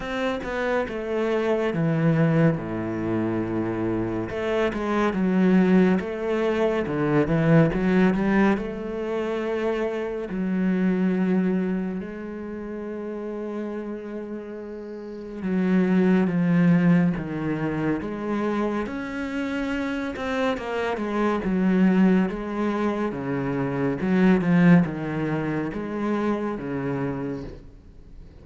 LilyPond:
\new Staff \with { instrumentName = "cello" } { \time 4/4 \tempo 4 = 70 c'8 b8 a4 e4 a,4~ | a,4 a8 gis8 fis4 a4 | d8 e8 fis8 g8 a2 | fis2 gis2~ |
gis2 fis4 f4 | dis4 gis4 cis'4. c'8 | ais8 gis8 fis4 gis4 cis4 | fis8 f8 dis4 gis4 cis4 | }